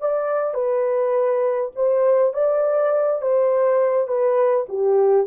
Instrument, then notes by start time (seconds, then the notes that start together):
horn
0.00 D5
0.54 B4
1.76 C5
2.33 D5
3.21 C5
4.08 B4
4.69 G4